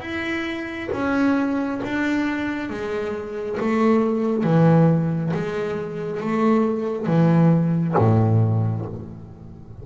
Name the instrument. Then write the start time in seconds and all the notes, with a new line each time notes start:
double bass
0.00 E4
0.92 C#4
1.84 D4
2.69 G#3
3.59 A3
4.43 E3
5.33 G#3
6.20 A3
7.06 E3
7.97 A2